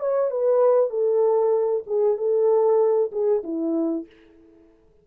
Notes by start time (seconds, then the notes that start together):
0.00 C#5
0.31 B4
0.90 A4
1.87 G#4
2.18 A4
3.12 G#4
3.44 E4